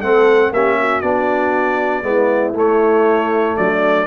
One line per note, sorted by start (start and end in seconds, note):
0.00 0.51 A3
0.00 0.54 C4
0.00 0.51 A4
0.00 0.52 F#5
0.51 1.02 A#3
0.51 1.03 C#4
0.51 0.78 G4
0.51 1.01 E5
0.79 2.06 F#4
1.01 2.03 B3
1.01 2.03 D4
1.01 2.53 D5
2.03 2.53 G#3
2.03 2.54 B3
2.03 3.57 E4
2.53 3.55 A3
2.53 4.07 A3
2.53 3.57 C#5
3.57 4.07 F#3
3.57 4.07 D4
3.57 4.07 D5